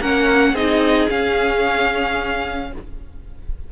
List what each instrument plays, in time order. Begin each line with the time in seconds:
0.00 cello A#3, viola C#4, violin A#4 F#5
0.52 cello C4, viola D#4, violin G#4 D#5
1.10 viola C#4, cello C#4, violin F5